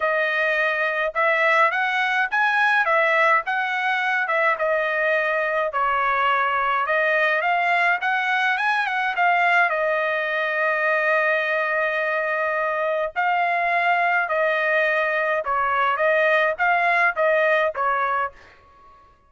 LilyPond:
\new Staff \with { instrumentName = "trumpet" } { \time 4/4 \tempo 4 = 105 dis''2 e''4 fis''4 | gis''4 e''4 fis''4. e''8 | dis''2 cis''2 | dis''4 f''4 fis''4 gis''8 fis''8 |
f''4 dis''2.~ | dis''2. f''4~ | f''4 dis''2 cis''4 | dis''4 f''4 dis''4 cis''4 | }